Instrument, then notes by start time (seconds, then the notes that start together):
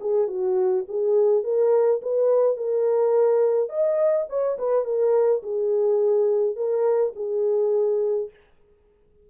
horn
0.00 G#4
0.27 F#4
0.88 G#4
1.43 A#4
2.02 B4
2.56 A#4
3.69 D#5
4.29 C#5
4.58 B4
4.84 A#4
5.43 G#4
6.56 A#4
7.15 G#4